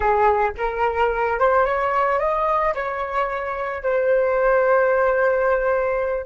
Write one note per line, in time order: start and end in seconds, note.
0.00 0.51 G#4
0.57 1.39 A#4
1.39 1.65 C5
1.65 2.19 C#5
2.19 2.73 D#5
2.74 3.82 C#5
3.82 6.26 C5